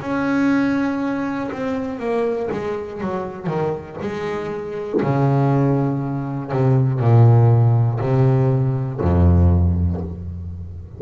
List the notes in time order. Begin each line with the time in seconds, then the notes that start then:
0.00 C#4
1.51 C4
1.99 A#3
2.51 G#3
3.00 F#3
3.46 D#3
4.00 G#3
5.02 C#3
6.51 C3
6.99 A#2
8.00 C3
9.00 F2